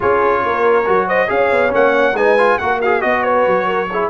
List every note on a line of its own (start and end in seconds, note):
0.00 0.45 C#4
0.00 0.84 F4
0.00 0.44 G#4
0.00 1.08 C#5
0.45 0.87 A#3
0.45 1.07 A#4
0.86 1.29 F#3
0.86 1.27 F#4
1.07 1.28 C5
1.07 1.29 D#5
1.27 1.51 C#4
1.27 1.69 G#4
1.27 1.73 F5
1.34 2.16 C#5
1.51 1.72 B3
1.69 2.13 A#3
1.69 2.12 C#4
1.69 2.16 F#5
2.13 2.56 G#3
2.13 2.38 D#4
2.13 2.59 B4
2.13 2.58 G#5
2.38 2.59 F4
2.58 3.04 A#3
2.58 2.82 F#4
2.58 2.81 A#4
2.58 2.80 F#5
2.81 3.02 F#4
2.81 3.00 G#4
2.81 3.01 F5
3.00 3.46 B3
3.00 3.87 F#4
3.00 3.22 D#5
3.00 3.24 D#5
3.22 3.66 B4
3.22 4.09 C#5
3.46 4.09 F#3
3.66 3.88 A#4
3.90 4.09 E4
3.90 4.09 G#4